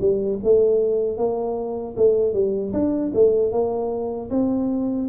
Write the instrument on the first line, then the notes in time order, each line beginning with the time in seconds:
tuba
0.00 G3
0.43 A3
1.17 A#3
1.97 A3
2.33 G3
2.73 D4
3.14 A3
3.51 A#3
4.30 C4